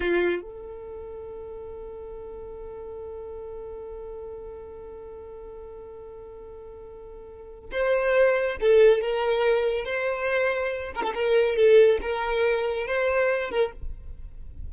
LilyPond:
\new Staff \with { instrumentName = "violin" } { \time 4/4 \tempo 4 = 140 f'4 a'2.~ | a'1~ | a'1~ | a'1~ |
a'2 c''2 | a'4 ais'2 c''4~ | c''4. ais'16 a'16 ais'4 a'4 | ais'2 c''4. ais'8 | }